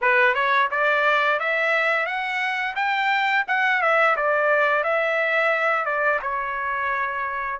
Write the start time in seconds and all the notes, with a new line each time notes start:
0.01 B4
0.34 C#5
0.70 D5
1.39 E5
2.06 F#5
2.75 G5
3.47 F#5
3.81 E5
4.16 D5
4.83 E5
5.85 D5
6.22 C#5